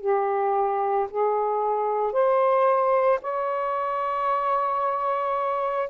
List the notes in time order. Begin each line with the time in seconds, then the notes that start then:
0.00 G4
1.10 G#4
2.12 C5
3.21 C#5